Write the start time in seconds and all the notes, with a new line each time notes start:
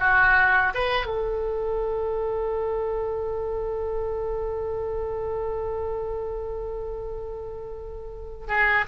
0.00 F#4
0.75 B4
1.07 A4
8.48 G#4